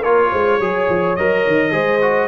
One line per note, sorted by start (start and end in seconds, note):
0.00 0.31 A#3
0.00 0.61 F4
0.00 0.28 A#4
0.00 1.15 C#5
0.31 0.60 G#3
0.31 0.59 C5
0.60 0.88 F#3
0.60 1.17 G#4
0.60 1.72 C#5
0.89 1.17 F3
1.15 1.46 F#3
1.15 1.71 A#4
1.15 2.28 D#5
1.46 1.71 D#3
1.71 2.28 G#3
1.71 1.99 G#4
1.71 2.28 C5
2.01 2.28 F#4